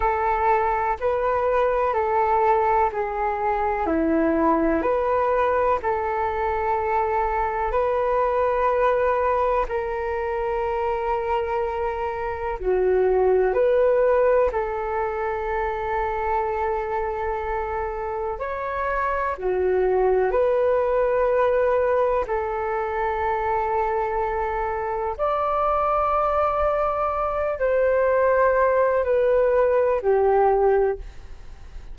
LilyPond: \new Staff \with { instrumentName = "flute" } { \time 4/4 \tempo 4 = 62 a'4 b'4 a'4 gis'4 | e'4 b'4 a'2 | b'2 ais'2~ | ais'4 fis'4 b'4 a'4~ |
a'2. cis''4 | fis'4 b'2 a'4~ | a'2 d''2~ | d''8 c''4. b'4 g'4 | }